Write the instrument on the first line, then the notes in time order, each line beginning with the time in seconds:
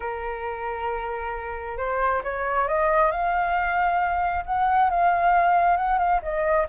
flute
0.00 A#4
1.77 C5
2.23 C#5
2.68 D#5
3.11 F5
4.45 F#5
4.90 F5
5.77 F#5
5.98 F5
6.22 D#5